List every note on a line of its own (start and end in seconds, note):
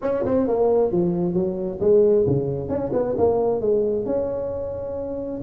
0.02 0.24 C#4
0.25 0.47 C4
0.47 0.91 A#3
0.91 1.33 F3
1.33 1.78 F#3
1.80 2.25 G#3
2.26 2.68 C#3
2.68 2.91 C#4
2.93 3.15 B3
3.17 3.60 A#3
3.60 4.05 G#3
4.05 5.41 C#4